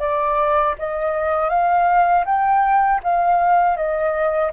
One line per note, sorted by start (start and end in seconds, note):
0.00 0.75 D5
0.79 1.50 D#5
1.50 2.25 F5
2.26 3.01 G5
3.04 3.77 F5
3.77 4.52 D#5